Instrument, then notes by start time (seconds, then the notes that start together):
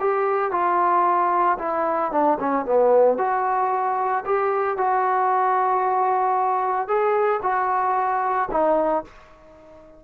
trombone
0.00 G4
0.52 F4
1.59 E4
2.12 D4
2.40 C#4
2.66 B3
3.18 F#4
4.26 G4
4.78 F#4
6.88 G#4
7.43 F#4
8.51 D#4